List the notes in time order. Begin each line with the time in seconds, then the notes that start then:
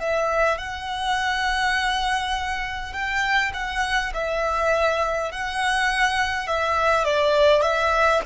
0.00 E5
0.58 F#5
2.93 G5
3.53 F#5
4.14 E5
5.32 F#5
6.47 E5
7.04 D5
7.62 E5